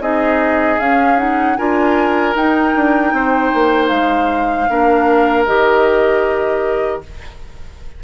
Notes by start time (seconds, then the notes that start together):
0.00 C4 D#4 G#4 D#5
0.79 C#4 F5
1.17 D#4 F#5
1.56 D4 F4 A#4 G#5
2.35 D#4 G5
2.75 D4
3.12 C4 C5
3.54 A#3
3.88 G#3 F5
4.68 A#3 D4 A#4
5.45 D#3 G4 D#5